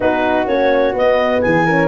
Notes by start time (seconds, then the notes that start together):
0.00 B3 D#4 F#4 B4
0.47 A#3 C#4 C#5
0.93 B3 D#5
1.41 E3 G#4 G#5
1.65 C#4 A#4